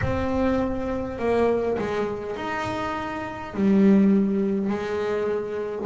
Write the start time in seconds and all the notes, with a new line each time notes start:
0.01 C4
1.18 A#3
1.78 G#3
2.36 D#4
3.53 G3
4.69 G#3